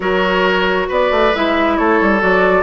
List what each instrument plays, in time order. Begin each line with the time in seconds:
0.00 bassoon F#3, clarinet F#4, oboe A#4, flute C#5
0.88 bassoon B3, oboe B4, flute D5
1.11 bassoon A3
1.34 bassoon G#3, clarinet E4, flute E5
1.77 bassoon A3, oboe A4, flute C#5
2.01 bassoon G3
2.19 bassoon F#3, clarinet F#4, flute D5